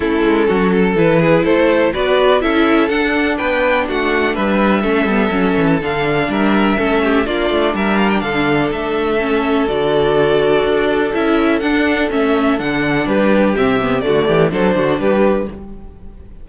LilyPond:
<<
  \new Staff \with { instrumentName = "violin" } { \time 4/4 \tempo 4 = 124 a'2 b'4 c''4 | d''4 e''4 fis''4 g''4 | fis''4 e''2. | f''4 e''2 d''4 |
e''8 f''16 g''16 f''4 e''2 | d''2. e''4 | fis''4 e''4 fis''4 b'4 | e''4 d''4 c''4 b'4 | }
  \new Staff \with { instrumentName = "violin" } { \time 4/4 e'4 fis'8 a'4 gis'8 a'4 | b'4 a'2 b'4 | fis'4 b'4 a'2~ | a'4 ais'4 a'8 g'8 f'4 |
ais'4 a'2.~ | a'1~ | a'2. g'4~ | g'4 fis'8 g'8 a'8 fis'8 g'4 | }
  \new Staff \with { instrumentName = "viola" } { \time 4/4 cis'2 e'2 | fis'4 e'4 d'2~ | d'2 cis'8 b8 cis'4 | d'2 cis'4 d'4~ |
d'2. cis'4 | fis'2. e'4 | d'4 cis'4 d'2 | c'8 b8 a4 d'2 | }
  \new Staff \with { instrumentName = "cello" } { \time 4/4 a8 gis8 fis4 e4 a4 | b4 cis'4 d'4 b4 | a4 g4 a8 g8 fis8 e8 | d4 g4 a4 ais8 a8 |
g4 d4 a2 | d2 d'4 cis'4 | d'4 a4 d4 g4 | c4 d8 e8 fis8 d8 g4 | }
>>